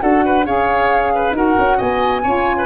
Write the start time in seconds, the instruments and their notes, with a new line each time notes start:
0.00 tuba D4, saxophone F#4, oboe A4, flute F#5
0.26 oboe B4
0.46 tuba C#4, saxophone G#4, oboe C#5, flute F5
1.15 oboe B4
1.32 tuba D#4, saxophone F#4, oboe A#4, flute F#5
1.59 tuba C#4
1.78 tuba B3, oboe D#5, flute G#5
2.23 tuba C#4, saxophone F4, oboe C#5
2.58 oboe B4